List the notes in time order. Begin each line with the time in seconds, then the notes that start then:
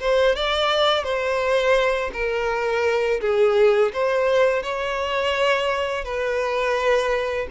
0.00 C5
0.35 D5
1.03 C5
2.13 A#4
3.20 G#4
3.93 C5
4.63 C#5
6.04 B4